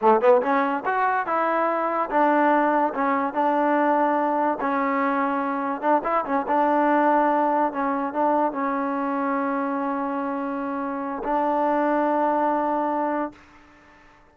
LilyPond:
\new Staff \with { instrumentName = "trombone" } { \time 4/4 \tempo 4 = 144 a8 b8 cis'4 fis'4 e'4~ | e'4 d'2 cis'4 | d'2. cis'4~ | cis'2 d'8 e'8 cis'8 d'8~ |
d'2~ d'8 cis'4 d'8~ | d'8 cis'2.~ cis'8~ | cis'2. d'4~ | d'1 | }